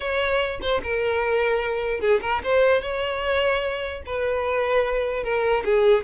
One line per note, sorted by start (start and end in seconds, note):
0.00 0.59 C#5
0.61 0.81 C5
0.83 2.00 A#4
2.00 2.20 G#4
2.21 2.41 A#4
2.43 2.81 C5
2.81 4.02 C#5
4.05 5.23 B4
5.23 5.63 A#4
5.64 6.04 G#4